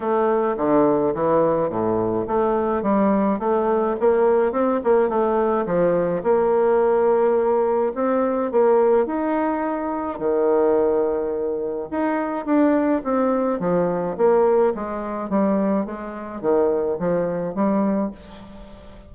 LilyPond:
\new Staff \with { instrumentName = "bassoon" } { \time 4/4 \tempo 4 = 106 a4 d4 e4 a,4 | a4 g4 a4 ais4 | c'8 ais8 a4 f4 ais4~ | ais2 c'4 ais4 |
dis'2 dis2~ | dis4 dis'4 d'4 c'4 | f4 ais4 gis4 g4 | gis4 dis4 f4 g4 | }